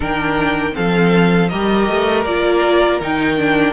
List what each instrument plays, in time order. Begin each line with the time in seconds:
0.00 cello D#3, viola D4, violin A#4 G5
0.72 cello F3, viola C4, violin A4 F5
1.49 cello G3, viola G4, violin A#4 D#5
1.88 cello A3
2.24 cello A#3, viola F4, violin D5
3.00 cello D#3, viola D#4, violin G5
3.37 viola D4